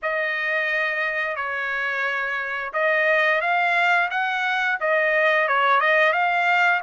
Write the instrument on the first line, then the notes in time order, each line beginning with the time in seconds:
trumpet
0.02 D#5
1.36 C#5
2.73 D#5
3.41 F5
4.10 F#5
4.80 D#5
5.48 C#5
5.80 D#5
6.12 F5